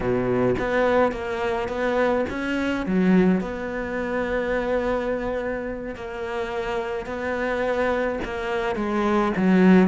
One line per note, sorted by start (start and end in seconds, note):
0.00 0.55 B2
0.58 1.12 B3
1.12 1.68 A#3
1.68 2.25 B3
2.29 2.86 C#4
2.86 3.41 F#3
3.41 5.95 B3
5.95 7.06 A#3
7.06 8.19 B3
8.24 8.75 A#3
8.75 9.32 G#3
9.36 9.88 F#3